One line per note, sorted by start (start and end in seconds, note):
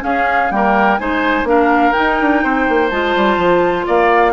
0.00 0.48 C#4
0.00 0.51 C#4
0.00 0.52 G#4
0.00 0.51 F5
0.51 0.99 G3
0.51 0.99 A#3
0.51 1.01 A#4
0.51 0.98 G5
0.98 1.44 G#3
0.98 1.45 D#4
0.98 1.49 C5
0.98 1.46 G#5
1.44 1.92 A#3
1.44 1.93 D4
1.44 2.43 A#4
1.44 1.92 F5
1.92 2.90 D#4
1.92 2.88 G5
1.99 2.21 D#4
2.21 2.44 D4
2.43 2.68 C4
2.43 3.87 C5
2.69 2.91 A#3
2.90 3.15 G#3
2.90 4.33 F4
2.90 3.86 A5
3.16 3.37 G3
3.37 3.85 F3
3.87 4.33 A#3
3.87 4.33 D5
3.87 4.33 F5